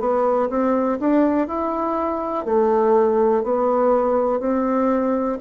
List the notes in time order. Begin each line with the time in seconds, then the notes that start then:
0.00 B3
0.50 C4
1.00 D4
1.48 E4
2.45 A3
3.43 B3
4.40 C4